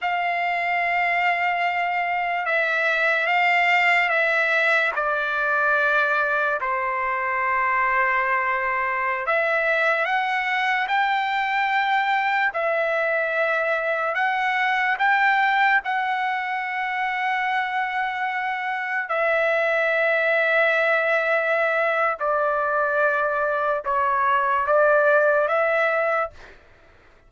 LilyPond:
\new Staff \with { instrumentName = "trumpet" } { \time 4/4 \tempo 4 = 73 f''2. e''4 | f''4 e''4 d''2 | c''2.~ c''16 e''8.~ | e''16 fis''4 g''2 e''8.~ |
e''4~ e''16 fis''4 g''4 fis''8.~ | fis''2.~ fis''16 e''8.~ | e''2. d''4~ | d''4 cis''4 d''4 e''4 | }